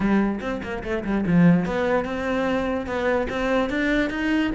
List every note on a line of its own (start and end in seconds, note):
0.00 0.40 G3
0.40 0.61 C4
0.62 0.83 A#3
0.83 1.04 A3
1.04 1.24 G3
1.26 1.65 F3
1.65 2.05 B3
2.05 2.86 C4
2.86 3.27 B3
3.29 3.69 C4
3.69 4.10 D4
4.10 4.51 D#4